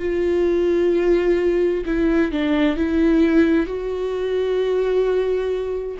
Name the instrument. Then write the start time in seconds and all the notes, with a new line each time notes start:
viola
0.00 F4
1.86 E4
2.32 D4
2.77 E4
3.67 F#4